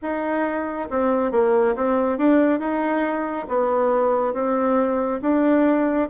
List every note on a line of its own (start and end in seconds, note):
0.02 0.89 D#4
0.89 1.31 C4
1.31 1.75 A#3
1.75 2.17 C4
2.17 2.59 D4
2.59 3.46 D#4
3.48 4.33 B3
4.33 5.20 C4
5.21 6.08 D4